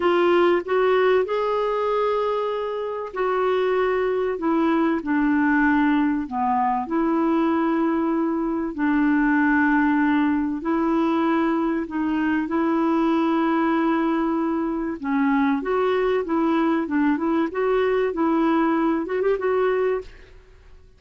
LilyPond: \new Staff \with { instrumentName = "clarinet" } { \time 4/4 \tempo 4 = 96 f'4 fis'4 gis'2~ | gis'4 fis'2 e'4 | d'2 b4 e'4~ | e'2 d'2~ |
d'4 e'2 dis'4 | e'1 | cis'4 fis'4 e'4 d'8 e'8 | fis'4 e'4. fis'16 g'16 fis'4 | }